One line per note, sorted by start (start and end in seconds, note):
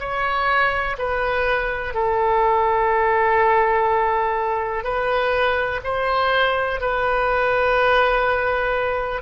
0.00 0.97 C#5
0.98 1.94 B4
1.94 4.84 A4
4.84 5.81 B4
5.84 6.80 C5
6.81 9.22 B4